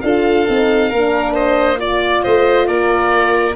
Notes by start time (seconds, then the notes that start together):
0.00 D4 F4 A4 F5
0.47 C4 D#4
0.90 A#3 D4 A#4
1.34 C5 D#5
1.77 F4 D5
2.22 A3 C5 D#5
2.67 A#3 A#4 D5